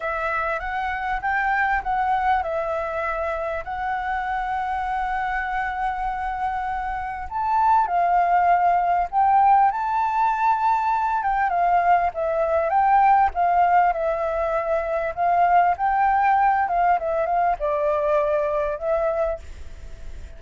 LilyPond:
\new Staff \with { instrumentName = "flute" } { \time 4/4 \tempo 4 = 99 e''4 fis''4 g''4 fis''4 | e''2 fis''2~ | fis''1 | a''4 f''2 g''4 |
a''2~ a''8 g''8 f''4 | e''4 g''4 f''4 e''4~ | e''4 f''4 g''4. f''8 | e''8 f''8 d''2 e''4 | }